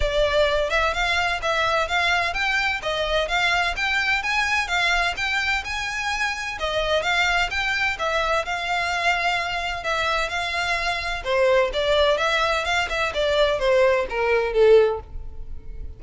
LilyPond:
\new Staff \with { instrumentName = "violin" } { \time 4/4 \tempo 4 = 128 d''4. e''8 f''4 e''4 | f''4 g''4 dis''4 f''4 | g''4 gis''4 f''4 g''4 | gis''2 dis''4 f''4 |
g''4 e''4 f''2~ | f''4 e''4 f''2 | c''4 d''4 e''4 f''8 e''8 | d''4 c''4 ais'4 a'4 | }